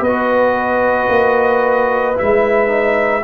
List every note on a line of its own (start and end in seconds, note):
0.00 1.08 B3
0.00 3.21 B4
0.00 2.18 D#5
0.06 2.15 F#4
1.09 2.16 A#3
2.15 2.67 E4
2.15 3.24 E5
2.21 3.24 G#3
2.67 3.21 D#4